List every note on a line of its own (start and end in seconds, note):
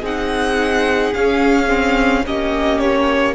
0.00 1.13 C4
0.00 1.14 D#4
0.00 2.22 G#4
0.00 1.14 F#5
1.14 2.25 C#4
1.14 1.68 C#4
1.14 2.25 F5
1.68 2.24 C4
2.25 3.35 A#3
2.25 3.35 C#4
2.25 3.35 G4
2.25 2.79 D#5
2.79 3.34 C#5